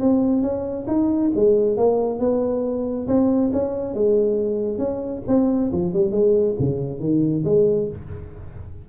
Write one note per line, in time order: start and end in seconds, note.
0.00 0.42 C4
0.42 0.86 C#4
0.87 1.31 D#4
1.35 1.77 G#3
1.77 2.19 A#3
2.19 3.07 B3
3.07 3.51 C4
3.52 3.94 C#4
3.94 4.78 G#3
4.78 5.22 C#4
5.27 5.71 C4
5.72 5.93 F3
5.93 6.11 G3
6.11 6.55 G#3
6.59 6.99 C#3
6.99 7.43 D#3
7.44 7.88 G#3